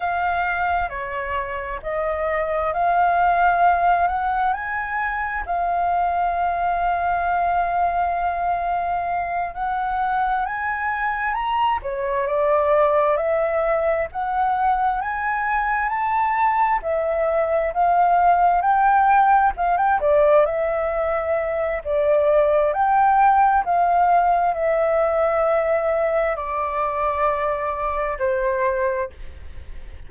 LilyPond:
\new Staff \with { instrumentName = "flute" } { \time 4/4 \tempo 4 = 66 f''4 cis''4 dis''4 f''4~ | f''8 fis''8 gis''4 f''2~ | f''2~ f''8 fis''4 gis''8~ | gis''8 ais''8 cis''8 d''4 e''4 fis''8~ |
fis''8 gis''4 a''4 e''4 f''8~ | f''8 g''4 f''16 g''16 d''8 e''4. | d''4 g''4 f''4 e''4~ | e''4 d''2 c''4 | }